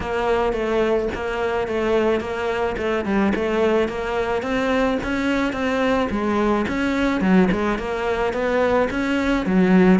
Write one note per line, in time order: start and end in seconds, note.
0.00 0.53 A#3
0.53 1.08 A3
1.15 1.67 A#3
1.67 2.20 A3
2.20 2.76 A#3
2.77 3.05 A3
3.05 3.33 G3
3.35 3.88 A3
3.88 4.42 A#3
4.42 4.98 C4
5.03 5.53 C#4
5.53 6.08 C4
6.10 6.66 G#3
6.68 7.20 C#4
7.20 7.48 F#3
7.51 7.78 G#3
7.78 8.33 A#3
8.33 8.88 B3
8.90 9.46 C#4
9.46 9.99 F#3